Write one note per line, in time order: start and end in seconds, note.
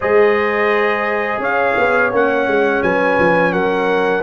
0.00 1.38 G#3
0.00 2.12 G#4
0.00 1.41 C5
0.00 1.42 D#5
1.38 1.73 C#4
1.38 2.82 C#5
1.38 2.13 F5
1.77 2.12 B3
2.12 2.46 A#3
2.12 4.23 C#4
2.12 2.82 F#5
2.46 2.82 G#3
2.82 3.18 F#3
2.82 3.52 B4
2.82 3.52 G#5
3.19 3.52 F3
3.52 4.23 F#3
3.52 4.23 A#4
3.52 4.23 F#5